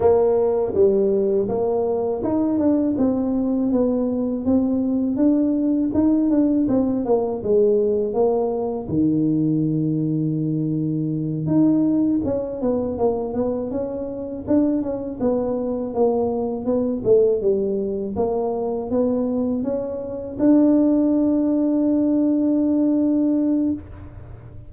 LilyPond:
\new Staff \with { instrumentName = "tuba" } { \time 4/4 \tempo 4 = 81 ais4 g4 ais4 dis'8 d'8 | c'4 b4 c'4 d'4 | dis'8 d'8 c'8 ais8 gis4 ais4 | dis2.~ dis8 dis'8~ |
dis'8 cis'8 b8 ais8 b8 cis'4 d'8 | cis'8 b4 ais4 b8 a8 g8~ | g8 ais4 b4 cis'4 d'8~ | d'1 | }